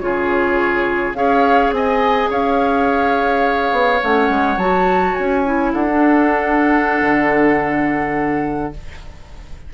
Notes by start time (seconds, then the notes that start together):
0.00 C#3 F4 G#4 C#5
1.14 C#4 G#4 C#5 F5
1.71 C4 D#5 G#5
2.30 C#4 C#5 F5
3.72 B3
4.02 A3 C#4 F#5
4.29 G#3
4.57 F#3 F#4 A5
5.15 C#4 G#5
5.45 E4
5.74 D4 A4 F#5
5.88 D4
7.01 D3